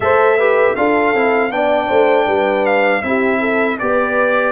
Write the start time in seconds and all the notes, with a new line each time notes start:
0.00 A3 A4 C5 E5
0.37 G4 B4
0.75 D4 F4 A4 F5
1.13 C4 E4
1.50 B3 D4 D5 G5
1.88 A3 C5
2.26 G3 B4
2.65 F5
3.01 C4 E4 G4 E5
3.40 A4
3.78 B3 G4 B4 D5